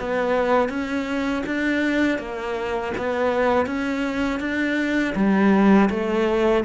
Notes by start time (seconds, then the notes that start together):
0.00 B3
0.69 C#4
1.46 D4
2.19 A#3
2.98 B3
3.67 C#4
4.40 D4
5.15 G3
5.90 A3